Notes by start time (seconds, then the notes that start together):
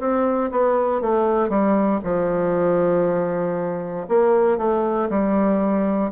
0.00 C4
0.51 B3
1.01 A3
1.49 G3
2.03 F3
4.09 A#3
4.58 A3
5.09 G3